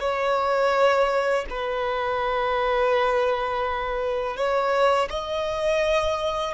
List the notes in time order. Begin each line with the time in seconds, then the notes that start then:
0.00 C#5
1.50 B4
4.36 C#5
5.09 D#5